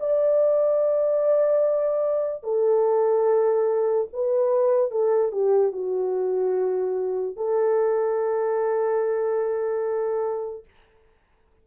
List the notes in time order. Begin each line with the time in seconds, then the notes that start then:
0.00 D5
2.44 A4
4.13 B4
4.91 A4
5.32 G4
5.72 F#4
7.36 A4